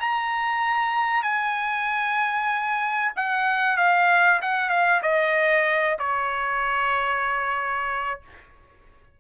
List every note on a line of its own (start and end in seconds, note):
0.00 1.23 A#5
1.23 3.12 G#5
3.16 3.77 F#5
3.77 4.40 F5
4.42 4.69 F#5
4.69 5.01 F5
5.02 5.97 D#5
5.99 8.20 C#5